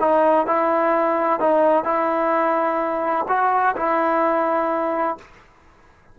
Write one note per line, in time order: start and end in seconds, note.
0.00 0.47 D#4
0.47 1.40 E4
1.40 1.84 D#4
1.84 3.26 E4
3.28 3.76 F#4
3.76 5.18 E4